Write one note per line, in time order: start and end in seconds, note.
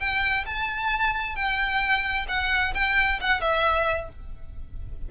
0.00 0.45 G5
0.46 1.36 A5
1.36 2.27 G5
2.29 2.74 F#5
2.75 3.20 G5
3.21 3.41 F#5
3.41 4.10 E5